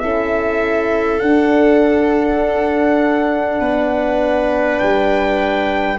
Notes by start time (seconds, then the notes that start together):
0.00 C#4 E4 A4 E5
1.20 D4 F#5
3.60 B3 B4
4.79 G3 G5